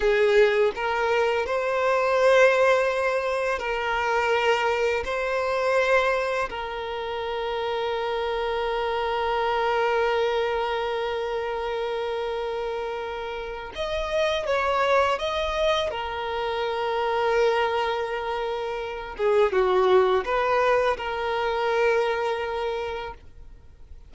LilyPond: \new Staff \with { instrumentName = "violin" } { \time 4/4 \tempo 4 = 83 gis'4 ais'4 c''2~ | c''4 ais'2 c''4~ | c''4 ais'2.~ | ais'1~ |
ais'2. dis''4 | cis''4 dis''4 ais'2~ | ais'2~ ais'8 gis'8 fis'4 | b'4 ais'2. | }